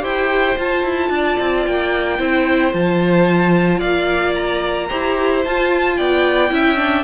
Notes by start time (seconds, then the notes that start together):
0.00 E4 G4 C5 G5
0.57 F4 A5
0.84 E4
1.10 D4 D5
1.40 C4
1.66 A#3 G5
2.19 C4 E4 C5
2.72 F3 F4 A5
3.79 A#3 D5 F5
4.34 A#5
4.89 E4 G4 C5
5.45 F4 A5
5.97 B3 D5 G5
6.50 C#4 E4 E5
6.76 D4